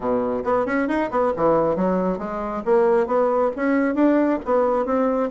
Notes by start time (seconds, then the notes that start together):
0.00 B2
0.44 B3
0.66 C#4
0.88 D#4
1.10 B3
1.36 E3
1.76 F#3
2.18 G#3
2.65 A#3
3.06 B3
3.56 C#4
3.94 D4
4.45 B3
4.85 C4